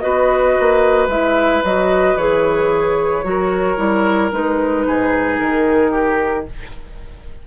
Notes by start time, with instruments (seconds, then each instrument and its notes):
0.00 bassoon B3, clarinet F#4, oboe B4, flute D#5
0.60 bassoon A#3
1.08 bassoon G#3, clarinet E4, flute E5
1.64 bassoon F#3, clarinet F#4, flute D#5
2.17 bassoon E3, clarinet G#4, flute C#5
3.23 bassoon F#3, clarinet F#4, oboe A#4
3.77 bassoon G3, clarinet E4
4.32 bassoon G#3, clarinet D#4, flute B4
4.86 bassoon G#2, oboe G#4
5.39 bassoon D#3, flute A#4
5.91 oboe G4